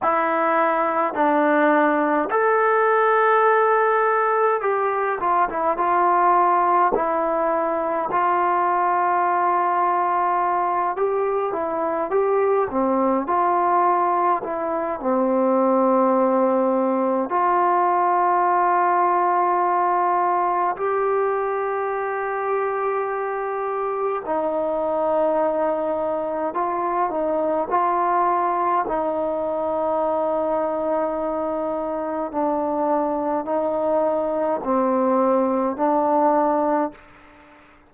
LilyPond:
\new Staff \with { instrumentName = "trombone" } { \time 4/4 \tempo 4 = 52 e'4 d'4 a'2 | g'8 f'16 e'16 f'4 e'4 f'4~ | f'4. g'8 e'8 g'8 c'8 f'8~ | f'8 e'8 c'2 f'4~ |
f'2 g'2~ | g'4 dis'2 f'8 dis'8 | f'4 dis'2. | d'4 dis'4 c'4 d'4 | }